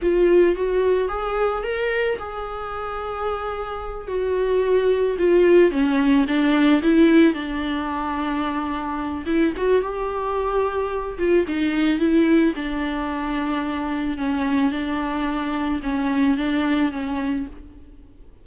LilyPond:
\new Staff \with { instrumentName = "viola" } { \time 4/4 \tempo 4 = 110 f'4 fis'4 gis'4 ais'4 | gis'2.~ gis'8 fis'8~ | fis'4. f'4 cis'4 d'8~ | d'8 e'4 d'2~ d'8~ |
d'4 e'8 fis'8 g'2~ | g'8 f'8 dis'4 e'4 d'4~ | d'2 cis'4 d'4~ | d'4 cis'4 d'4 cis'4 | }